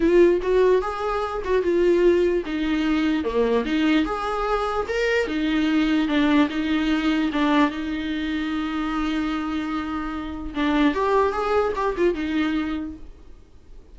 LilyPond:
\new Staff \with { instrumentName = "viola" } { \time 4/4 \tempo 4 = 148 f'4 fis'4 gis'4. fis'8 | f'2 dis'2 | ais4 dis'4 gis'2 | ais'4 dis'2 d'4 |
dis'2 d'4 dis'4~ | dis'1~ | dis'2 d'4 g'4 | gis'4 g'8 f'8 dis'2 | }